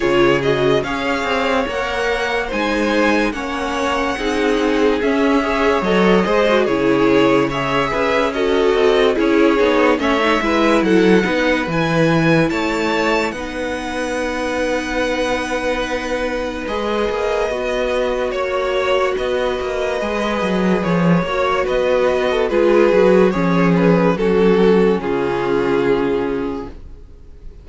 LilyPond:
<<
  \new Staff \with { instrumentName = "violin" } { \time 4/4 \tempo 4 = 72 cis''8 dis''8 f''4 fis''4 gis''4 | fis''2 e''4 dis''4 | cis''4 e''4 dis''4 cis''4 | e''4 fis''4 gis''4 a''4 |
fis''1 | dis''2 cis''4 dis''4~ | dis''4 cis''4 dis''4 b'4 | cis''8 b'8 a'4 gis'2 | }
  \new Staff \with { instrumentName = "violin" } { \time 4/4 gis'4 cis''2 c''4 | cis''4 gis'4. cis''4 c''8 | gis'4 cis''8 b'8 a'4 gis'4 | cis''8 b'8 a'8 b'4. cis''4 |
b'1~ | b'2 cis''4 b'4~ | b'4. cis''8 b'8. a'16 gis'4 | cis'4 fis'4 f'2 | }
  \new Staff \with { instrumentName = "viola" } { \time 4/4 f'8 fis'8 gis'4 ais'4 dis'4 | cis'4 dis'4 cis'8 gis'8 a'8 gis'16 fis'16 | e'4 gis'4 fis'4 e'8 dis'8 | cis'16 dis'16 e'4 dis'8 e'2 |
dis'1 | gis'4 fis'2. | gis'4. fis'4. f'8 fis'8 | gis'4 cis'2. | }
  \new Staff \with { instrumentName = "cello" } { \time 4/4 cis4 cis'8 c'8 ais4 gis4 | ais4 c'4 cis'4 fis8 gis8 | cis4. cis'4 c'8 cis'8 b8 | a8 gis8 fis8 b8 e4 a4 |
b1 | gis8 ais8 b4 ais4 b8 ais8 | gis8 fis8 f8 ais8 b4 gis8 fis8 | f4 fis4 cis2 | }
>>